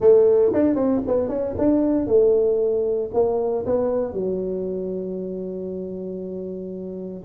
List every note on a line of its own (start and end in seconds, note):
0.00 0.52 A3
0.53 0.75 D4
0.75 1.01 C4
1.07 1.28 B3
1.28 1.54 C#4
1.58 2.07 D4
2.07 3.10 A3
3.13 3.65 A#3
3.66 4.13 B3
4.13 7.23 F#3